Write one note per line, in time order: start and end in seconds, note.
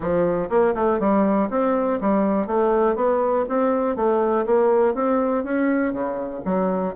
0.00 0.49 F3
0.49 0.74 A#3
0.74 0.99 A3
0.99 1.49 G3
1.50 1.99 C4
2.00 2.47 G3
2.47 2.95 A3
2.95 3.45 B3
3.48 3.95 C4
3.95 4.45 A3
4.45 4.94 A#3
4.94 5.43 C4
5.44 5.93 C#4
5.93 6.42 C#3
6.45 6.94 F#3